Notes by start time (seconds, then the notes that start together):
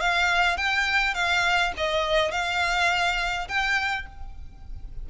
0.00 F5
0.57 G5
1.14 F5
1.77 D#5
2.31 F5
3.48 G5